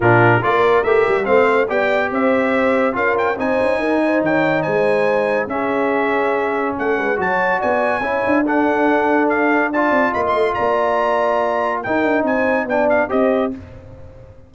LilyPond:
<<
  \new Staff \with { instrumentName = "trumpet" } { \time 4/4 \tempo 4 = 142 ais'4 d''4 e''4 f''4 | g''4 e''2 f''8 g''8 | gis''2 g''4 gis''4~ | gis''4 e''2. |
fis''4 a''4 gis''2 | fis''2 f''4 a''4 | b''16 c'''8. ais''2. | g''4 gis''4 g''8 f''8 dis''4 | }
  \new Staff \with { instrumentName = "horn" } { \time 4/4 f'4 ais'2 c''4 | d''4 c''2 ais'4 | c''4 ais'8 c''8 cis''4 c''4~ | c''4 gis'2. |
a'8 b'8 cis''4 d''4 cis''4 | a'2. d''4 | dis''4 d''2. | ais'4 c''4 d''4 c''4 | }
  \new Staff \with { instrumentName = "trombone" } { \time 4/4 d'4 f'4 g'4 c'4 | g'2. f'4 | dis'1~ | dis'4 cis'2.~ |
cis'4 fis'2 e'4 | d'2. f'4~ | f'1 | dis'2 d'4 g'4 | }
  \new Staff \with { instrumentName = "tuba" } { \time 4/4 ais,4 ais4 a8 g8 a4 | b4 c'2 cis'4 | c'8 cis'8 dis'4 dis4 gis4~ | gis4 cis'2. |
a8 gis8 fis4 b4 cis'8 d'8~ | d'2.~ d'8 c'8 | ais8 a8 ais2. | dis'8 d'8 c'4 b4 c'4 | }
>>